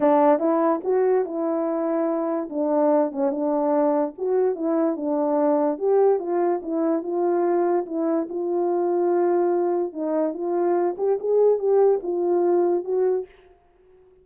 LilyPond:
\new Staff \with { instrumentName = "horn" } { \time 4/4 \tempo 4 = 145 d'4 e'4 fis'4 e'4~ | e'2 d'4. cis'8 | d'2 fis'4 e'4 | d'2 g'4 f'4 |
e'4 f'2 e'4 | f'1 | dis'4 f'4. g'8 gis'4 | g'4 f'2 fis'4 | }